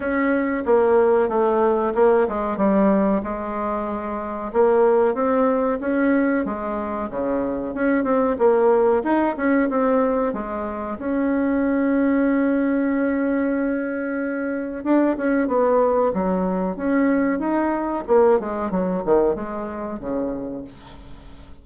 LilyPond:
\new Staff \with { instrumentName = "bassoon" } { \time 4/4 \tempo 4 = 93 cis'4 ais4 a4 ais8 gis8 | g4 gis2 ais4 | c'4 cis'4 gis4 cis4 | cis'8 c'8 ais4 dis'8 cis'8 c'4 |
gis4 cis'2.~ | cis'2. d'8 cis'8 | b4 fis4 cis'4 dis'4 | ais8 gis8 fis8 dis8 gis4 cis4 | }